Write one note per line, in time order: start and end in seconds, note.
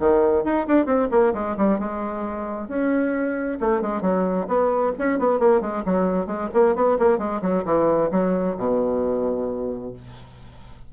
0.00 0.44 D#3
0.44 0.67 D#4
0.68 0.86 D4
0.86 1.08 C4
1.11 1.34 A#3
1.34 1.57 G#3
1.57 1.79 G3
1.79 2.69 G#3
2.69 3.59 C#4
3.60 3.81 A3
3.81 4.02 G#3
4.02 4.47 F#3
4.48 4.93 B3
4.99 5.19 C#4
5.19 5.40 B3
5.40 5.61 A#3
5.61 5.84 G#3
5.86 6.27 F#3
6.27 6.49 G#3
6.54 6.76 A#3
6.76 6.98 B3
6.99 7.19 A#3
7.19 7.41 G#3
7.42 7.64 F#3
7.65 8.10 E3
8.12 8.57 F#3
8.58 9.93 B2